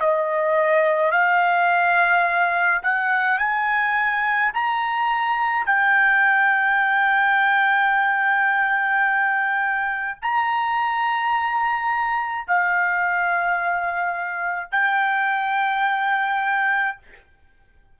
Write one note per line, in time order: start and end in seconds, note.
0.00 1.12 D#5
1.12 2.81 F5
2.83 3.39 F#5
3.39 4.52 G#5
4.53 5.66 A#5
5.66 10.19 G5
10.22 12.48 A#5
12.48 14.72 F5
14.72 16.98 G5